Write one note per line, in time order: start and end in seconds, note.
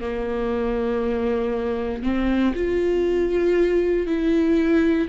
0.00 2.02 A#3
2.02 2.53 C4
2.55 4.06 F4
4.06 5.08 E4